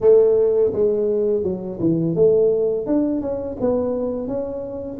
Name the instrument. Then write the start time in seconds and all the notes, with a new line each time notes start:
tuba
0.01 A3
0.72 G#3
1.43 F#3
1.80 E3
2.15 A3
2.86 D4
3.21 C#4
3.60 B3
4.27 C#4